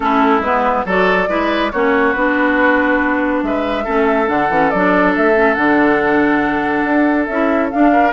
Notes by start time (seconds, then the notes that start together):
0.00 A3 C#4 E4 A4
0.40 G#3 B3 B4
0.85 F#3 F#4 A4 D5
1.28 G#3 E4 B4
1.71 A#3 C#4 F#4 C#5
2.13 B3 D4 B4
3.42 G#3 B4 E5
3.83 A3 C#4 A4
4.26 D3 D4 F#5
4.49 E3 C#4
4.70 F#3 D4 D5
5.16 A3 E5
5.34 C#4
5.54 D3 D4 F#5
6.84 D4
7.25 C#4 E4 E5
7.70 D4 F5
7.92 A#4